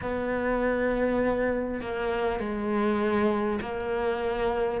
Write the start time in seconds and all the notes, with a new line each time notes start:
0.01 B3
1.80 A#3
2.39 G#3
3.61 A#3